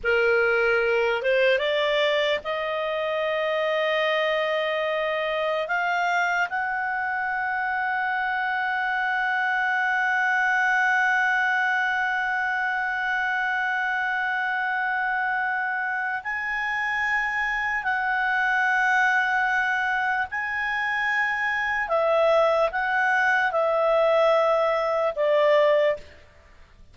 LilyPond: \new Staff \with { instrumentName = "clarinet" } { \time 4/4 \tempo 4 = 74 ais'4. c''8 d''4 dis''4~ | dis''2. f''4 | fis''1~ | fis''1~ |
fis''1 | gis''2 fis''2~ | fis''4 gis''2 e''4 | fis''4 e''2 d''4 | }